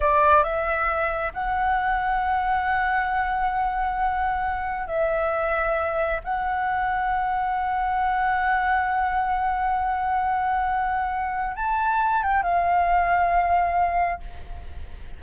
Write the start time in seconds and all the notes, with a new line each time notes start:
0.00 D5
0.43 E5
1.33 F#5
4.87 E5
6.23 F#5
11.56 A5
12.22 G5
12.42 F5